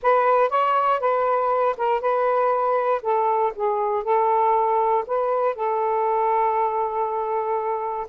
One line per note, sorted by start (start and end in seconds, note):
0.02 0.49 B4
0.49 0.99 C#5
0.99 1.75 B4
1.77 2.00 A#4
2.00 3.01 B4
3.02 3.52 A4
3.55 4.03 G#4
4.03 5.04 A4
5.06 5.55 B4
5.55 8.07 A4